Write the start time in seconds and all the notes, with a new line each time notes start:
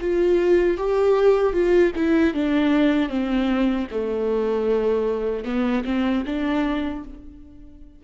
0.00 F4
0.77 G4
1.53 F4
1.95 E4
2.33 D4
3.09 C4
3.91 A3
5.44 B3
5.84 C4
6.26 D4